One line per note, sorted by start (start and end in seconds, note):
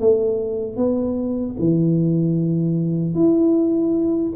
0.00 0.77 A3
0.77 1.56 B3
1.59 3.15 E3
3.15 4.33 E4